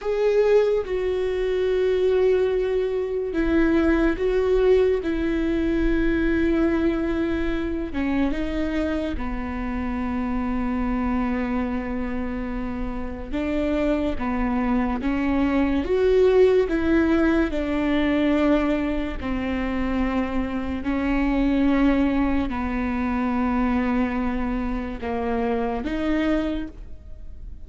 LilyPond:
\new Staff \with { instrumentName = "viola" } { \time 4/4 \tempo 4 = 72 gis'4 fis'2. | e'4 fis'4 e'2~ | e'4. cis'8 dis'4 b4~ | b1 |
d'4 b4 cis'4 fis'4 | e'4 d'2 c'4~ | c'4 cis'2 b4~ | b2 ais4 dis'4 | }